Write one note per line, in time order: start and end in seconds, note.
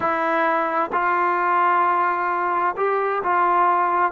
0.00 0.90 E4
0.92 2.75 F4
2.76 3.22 G4
3.23 4.11 F4